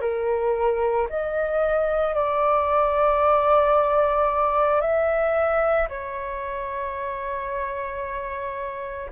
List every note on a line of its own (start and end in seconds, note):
0.00 1.07 A#4
1.09 2.14 D#5
2.14 4.81 D5
4.81 5.87 E5
5.88 9.10 C#5